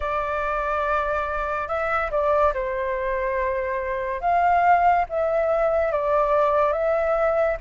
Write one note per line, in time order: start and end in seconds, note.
0.00 1.67 D5
1.67 2.10 E5
2.10 2.53 D5
2.53 4.20 C5
4.20 5.05 F5
5.09 5.92 E5
5.92 6.72 D5
6.72 7.56 E5